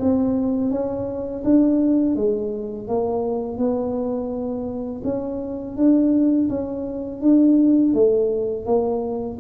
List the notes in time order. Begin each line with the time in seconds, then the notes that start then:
0.00 C4
0.71 C#4
1.45 D4
2.16 G#3
2.88 A#3
3.58 B3
5.04 C#4
5.77 D4
6.50 C#4
7.22 D4
7.94 A3
8.66 A#3